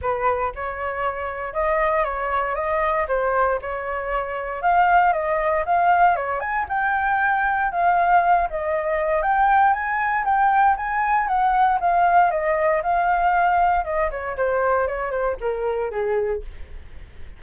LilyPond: \new Staff \with { instrumentName = "flute" } { \time 4/4 \tempo 4 = 117 b'4 cis''2 dis''4 | cis''4 dis''4 c''4 cis''4~ | cis''4 f''4 dis''4 f''4 | cis''8 gis''8 g''2 f''4~ |
f''8 dis''4. g''4 gis''4 | g''4 gis''4 fis''4 f''4 | dis''4 f''2 dis''8 cis''8 | c''4 cis''8 c''8 ais'4 gis'4 | }